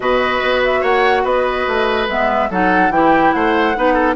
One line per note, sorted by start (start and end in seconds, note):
0.00 0.41 B2
0.00 2.08 F#4
0.00 0.80 B4
0.00 0.62 D#5
0.43 0.82 B3
0.64 0.84 E5
0.80 1.24 A#3
0.80 1.22 C#5
0.80 1.25 F#5
1.24 1.65 B3
1.24 2.49 B4
1.24 2.08 D#5
1.67 2.08 A3
2.08 2.50 G#3
2.08 2.50 B3
2.08 2.51 E5
2.50 2.90 F#3
2.50 2.91 D#4
2.50 2.92 A4
2.50 2.91 F#5
2.90 3.31 E3
2.90 3.74 E4
2.90 3.35 G4
2.90 3.31 G5
3.31 3.76 A3
3.31 3.76 C5
3.31 4.15 F#5
3.75 4.15 B3
3.75 4.15 D#4
3.75 3.93 B4
3.93 4.14 A4